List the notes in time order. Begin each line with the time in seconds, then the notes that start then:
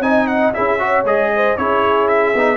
0.00 C4 D#4 D#5 G#5
0.28 F#5
0.54 C#4 E4 G#4 E5
0.80 F#4 C#5
1.05 G#3 G#4 D#5
1.35 C5
1.58 C#4 E4 G#4 C#5
2.09 E5
2.35 B3 D#4